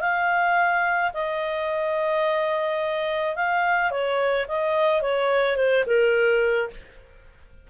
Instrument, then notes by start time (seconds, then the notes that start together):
clarinet
0.00 F5
1.14 D#5
3.35 F5
3.90 C#5
4.48 D#5
5.01 C#5
5.56 C5
5.86 A#4